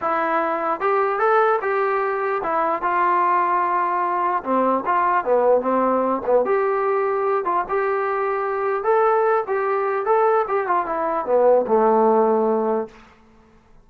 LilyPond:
\new Staff \with { instrumentName = "trombone" } { \time 4/4 \tempo 4 = 149 e'2 g'4 a'4 | g'2 e'4 f'4~ | f'2. c'4 | f'4 b4 c'4. b8 |
g'2~ g'8 f'8 g'4~ | g'2 a'4. g'8~ | g'4 a'4 g'8 f'8 e'4 | b4 a2. | }